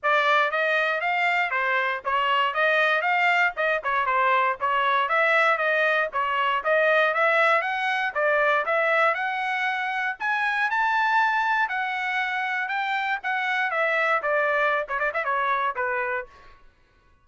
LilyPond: \new Staff \with { instrumentName = "trumpet" } { \time 4/4 \tempo 4 = 118 d''4 dis''4 f''4 c''4 | cis''4 dis''4 f''4 dis''8 cis''8 | c''4 cis''4 e''4 dis''4 | cis''4 dis''4 e''4 fis''4 |
d''4 e''4 fis''2 | gis''4 a''2 fis''4~ | fis''4 g''4 fis''4 e''4 | d''4~ d''16 cis''16 d''16 e''16 cis''4 b'4 | }